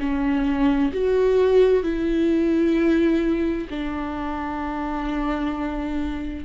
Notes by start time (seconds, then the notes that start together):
0.00 C#4
0.93 F#4
1.83 E4
3.70 D4